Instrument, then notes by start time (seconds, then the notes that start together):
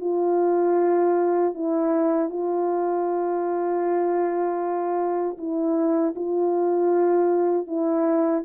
horn
0.00 F4
1.54 E4
2.29 F4
5.37 E4
6.15 F4
7.66 E4